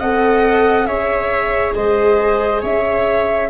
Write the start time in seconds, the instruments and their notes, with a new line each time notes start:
0.00 tuba C4, viola A4 D#5, flute F#5
0.87 tuba C#4, viola G#4 C#5, flute E5
1.75 tuba G#3, viola C5, flute D#5
2.62 tuba C#4, viola C#5, flute E5